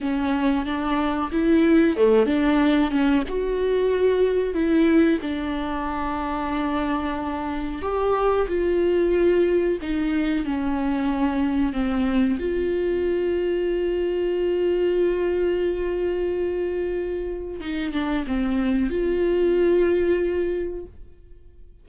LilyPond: \new Staff \with { instrumentName = "viola" } { \time 4/4 \tempo 4 = 92 cis'4 d'4 e'4 a8 d'8~ | d'8 cis'8 fis'2 e'4 | d'1 | g'4 f'2 dis'4 |
cis'2 c'4 f'4~ | f'1~ | f'2. dis'8 d'8 | c'4 f'2. | }